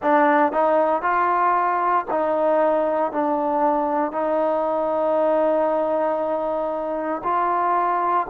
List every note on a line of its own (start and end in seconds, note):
0.02 0.52 D4
0.52 1.02 D#4
1.02 2.05 F4
2.10 3.11 D#4
3.11 4.11 D4
4.11 7.22 D#4
7.23 8.27 F4